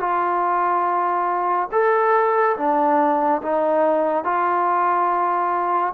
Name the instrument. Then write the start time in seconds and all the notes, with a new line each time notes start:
trombone
0.00 F4
1.72 A4
2.57 D4
3.42 D#4
4.24 F4